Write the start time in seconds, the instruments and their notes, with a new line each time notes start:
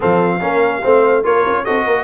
0.00 tuba F3, trombone C4, horn A4, trumpet F5
0.40 tuba A#3, trombone C#4, horn A#4
0.82 tuba A3, trombone C4, horn C5
1.23 tuba A#3, trombone F4, horn A#4, trumpet C#5
1.46 tuba C#4
1.64 tuba C4, trombone F#4, horn A4, trumpet D#5
1.85 tuba A#3, horn A#4